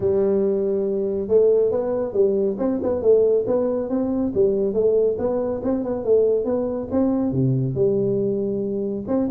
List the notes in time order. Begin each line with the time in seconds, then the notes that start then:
0.00 G3
1.28 A3
1.71 B3
2.13 G3
2.58 C4
2.82 B3
3.01 A3
3.46 B3
3.89 C4
4.34 G3
4.73 A3
5.18 B3
5.63 C4
5.84 B3
6.04 A3
6.44 B3
6.91 C4
7.31 C3
7.74 G3
9.07 C4